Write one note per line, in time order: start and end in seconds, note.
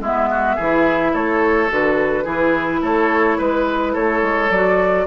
0.00 0.56 G#3
0.00 0.59 B3
0.00 0.29 E4
0.00 1.15 E5
0.31 0.56 F#4
0.56 1.14 E3
0.56 1.69 E4
0.56 1.12 G#4
1.13 1.70 A3
1.13 2.24 A4
1.13 1.71 C#5
1.69 2.25 D3
1.69 2.25 F#4
1.69 2.84 B4
2.24 2.81 E3
2.24 4.49 E4
2.24 2.80 G#4
2.82 3.38 A3
2.82 3.38 A4
2.82 3.40 C#5
3.38 3.96 G#3
3.38 3.93 B4
3.38 3.95 B4
3.93 4.22 A3
3.93 5.05 A4
3.93 4.50 C#5
4.22 4.50 G#3
4.50 5.06 F#3
4.50 5.07 F#4
4.50 5.06 D5